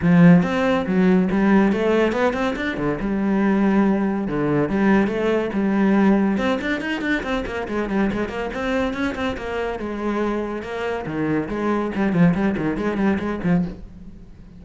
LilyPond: \new Staff \with { instrumentName = "cello" } { \time 4/4 \tempo 4 = 141 f4 c'4 fis4 g4 | a4 b8 c'8 d'8 d8 g4~ | g2 d4 g4 | a4 g2 c'8 d'8 |
dis'8 d'8 c'8 ais8 gis8 g8 gis8 ais8 | c'4 cis'8 c'8 ais4 gis4~ | gis4 ais4 dis4 gis4 | g8 f8 g8 dis8 gis8 g8 gis8 f8 | }